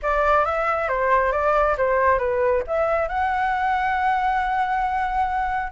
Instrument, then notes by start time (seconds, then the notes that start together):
flute
0.02 D5
0.45 E5
0.88 C5
1.32 D5
1.77 C5
2.18 B4
2.67 E5
3.08 F#5